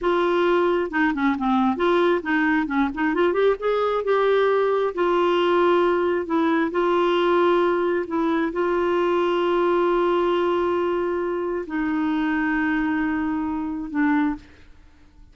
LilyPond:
\new Staff \with { instrumentName = "clarinet" } { \time 4/4 \tempo 4 = 134 f'2 dis'8 cis'8 c'4 | f'4 dis'4 cis'8 dis'8 f'8 g'8 | gis'4 g'2 f'4~ | f'2 e'4 f'4~ |
f'2 e'4 f'4~ | f'1~ | f'2 dis'2~ | dis'2. d'4 | }